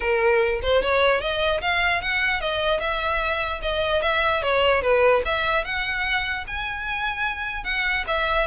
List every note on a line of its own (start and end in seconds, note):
0.00 0.60 A#4
0.62 0.82 C5
0.82 1.20 C#5
1.20 1.61 D#5
1.61 2.01 F5
2.01 2.41 F#5
2.41 2.80 D#5
2.80 3.60 E5
3.61 4.02 D#5
4.02 4.42 E5
4.42 4.82 C#5
4.82 5.22 B4
5.25 5.64 E5
5.64 6.44 F#5
6.47 7.64 G#5
7.64 8.04 F#5
8.07 8.47 E5